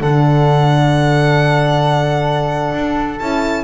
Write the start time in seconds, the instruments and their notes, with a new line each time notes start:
0.00 double bass D3, horn D4, flute A4, violin F#5
2.73 double bass D4
3.19 double bass C#4, horn E4, violin A5